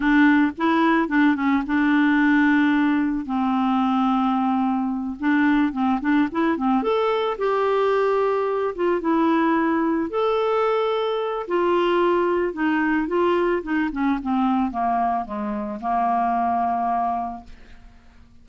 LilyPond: \new Staff \with { instrumentName = "clarinet" } { \time 4/4 \tempo 4 = 110 d'4 e'4 d'8 cis'8 d'4~ | d'2 c'2~ | c'4. d'4 c'8 d'8 e'8 | c'8 a'4 g'2~ g'8 |
f'8 e'2 a'4.~ | a'4 f'2 dis'4 | f'4 dis'8 cis'8 c'4 ais4 | gis4 ais2. | }